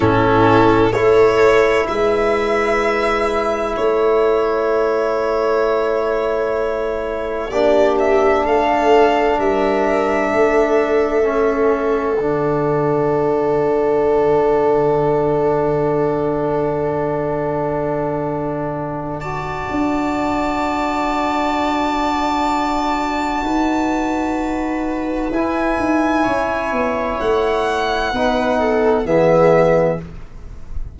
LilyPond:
<<
  \new Staff \with { instrumentName = "violin" } { \time 4/4 \tempo 4 = 64 a'4 cis''4 e''2 | cis''1 | d''8 e''8 f''4 e''2~ | e''4 fis''2.~ |
fis''1~ | fis''8 a''2.~ a''8~ | a''2. gis''4~ | gis''4 fis''2 e''4 | }
  \new Staff \with { instrumentName = "viola" } { \time 4/4 e'4 a'4 b'2 | a'1 | g'4 a'4 ais'4 a'4~ | a'1~ |
a'1~ | a'8 d''2.~ d''8~ | d''4 b'2. | cis''2 b'8 a'8 gis'4 | }
  \new Staff \with { instrumentName = "trombone" } { \time 4/4 cis'4 e'2.~ | e'1 | d'1 | cis'4 d'2.~ |
d'1~ | d'8 fis'2.~ fis'8~ | fis'2. e'4~ | e'2 dis'4 b4 | }
  \new Staff \with { instrumentName = "tuba" } { \time 4/4 a,4 a4 gis2 | a1 | ais4 a4 g4 a4~ | a4 d2.~ |
d1~ | d4 d'2.~ | d'4 dis'2 e'8 dis'8 | cis'8 b8 a4 b4 e4 | }
>>